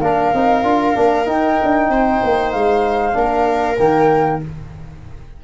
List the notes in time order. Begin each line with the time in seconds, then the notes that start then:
0.00 A#3 D4 A#4 F5
0.34 C4 D#4
0.64 D4 F4
0.95 A#3 D4
1.26 D#4 G5
1.63 D4
1.89 C4 C5
2.23 A#3
2.52 G#3 F5
3.13 A#3 D4 A#4
3.78 D#3 A#3 G5